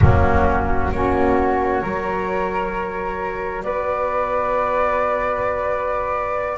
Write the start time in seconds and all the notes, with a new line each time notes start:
0.00 F#3 A#3 C#4 F#4
0.91 A#3 C#4 F#4 C#5
1.81 F#3 F#4 A#4
3.63 B3 B4 D5